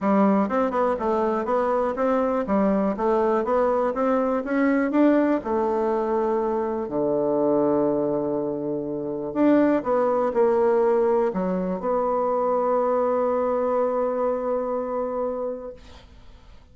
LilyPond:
\new Staff \with { instrumentName = "bassoon" } { \time 4/4 \tempo 4 = 122 g4 c'8 b8 a4 b4 | c'4 g4 a4 b4 | c'4 cis'4 d'4 a4~ | a2 d2~ |
d2. d'4 | b4 ais2 fis4 | b1~ | b1 | }